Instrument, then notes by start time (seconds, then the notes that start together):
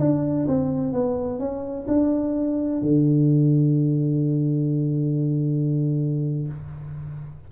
tuba
0.00 D4
0.48 C4
0.93 B3
1.40 C#4
1.88 D4
2.82 D3